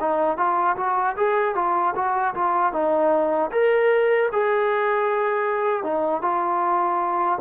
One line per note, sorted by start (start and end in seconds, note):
0.00 0.37 D#4
0.37 0.76 F4
0.77 1.15 F#4
1.16 1.55 G#4
1.55 1.94 F4
1.95 2.34 F#4
2.34 2.72 F4
2.72 3.50 D#4
3.51 4.29 A#4
4.32 5.83 G#4
5.83 6.22 D#4
6.22 7.38 F4